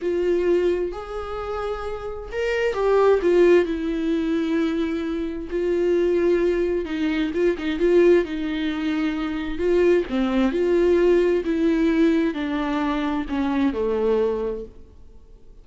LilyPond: \new Staff \with { instrumentName = "viola" } { \time 4/4 \tempo 4 = 131 f'2 gis'2~ | gis'4 ais'4 g'4 f'4 | e'1 | f'2. dis'4 |
f'8 dis'8 f'4 dis'2~ | dis'4 f'4 c'4 f'4~ | f'4 e'2 d'4~ | d'4 cis'4 a2 | }